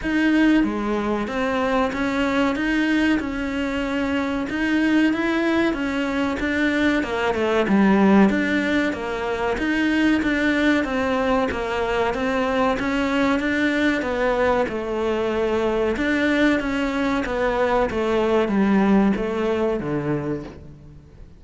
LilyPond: \new Staff \with { instrumentName = "cello" } { \time 4/4 \tempo 4 = 94 dis'4 gis4 c'4 cis'4 | dis'4 cis'2 dis'4 | e'4 cis'4 d'4 ais8 a8 | g4 d'4 ais4 dis'4 |
d'4 c'4 ais4 c'4 | cis'4 d'4 b4 a4~ | a4 d'4 cis'4 b4 | a4 g4 a4 d4 | }